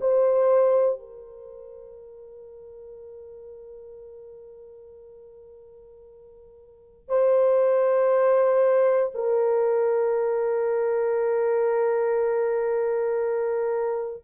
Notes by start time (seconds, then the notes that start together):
0.00 C5
0.99 A#4
7.08 C5
9.14 A#4